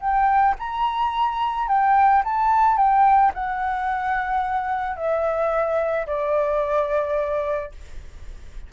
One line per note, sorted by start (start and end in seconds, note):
0.00 0.55 G5
0.59 1.68 A#5
1.68 2.23 G5
2.24 2.77 A5
2.77 3.32 G5
3.34 4.96 F#5
4.96 6.06 E5
6.07 7.72 D5